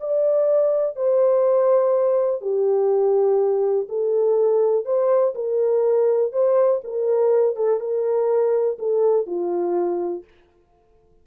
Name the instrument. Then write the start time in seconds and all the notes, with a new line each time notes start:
horn
0.00 D5
0.96 C5
2.41 G4
3.88 A4
4.85 C5
5.35 A#4
6.32 C5
6.84 A#4
7.56 A4
7.80 A#4
8.79 A4
9.26 F4